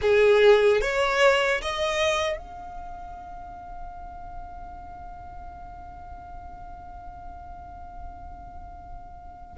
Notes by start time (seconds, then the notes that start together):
0.01 G#4
0.81 C#5
1.61 D#5
2.37 F5